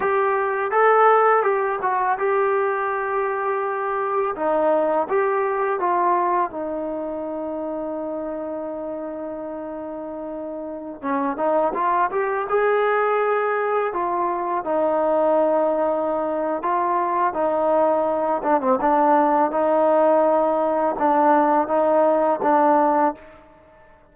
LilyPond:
\new Staff \with { instrumentName = "trombone" } { \time 4/4 \tempo 4 = 83 g'4 a'4 g'8 fis'8 g'4~ | g'2 dis'4 g'4 | f'4 dis'2.~ | dis'2.~ dis'16 cis'8 dis'16~ |
dis'16 f'8 g'8 gis'2 f'8.~ | f'16 dis'2~ dis'8. f'4 | dis'4. d'16 c'16 d'4 dis'4~ | dis'4 d'4 dis'4 d'4 | }